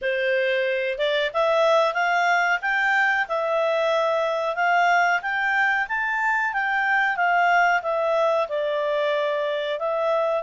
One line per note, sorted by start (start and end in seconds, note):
0.01 0.98 C5
0.98 1.30 D5
1.33 1.94 E5
1.94 2.59 F5
2.61 3.26 G5
3.28 4.55 E5
4.55 5.20 F5
5.22 5.87 G5
5.88 6.53 A5
6.53 7.16 G5
7.16 7.81 F5
7.82 8.47 E5
8.48 9.79 D5
9.79 10.43 E5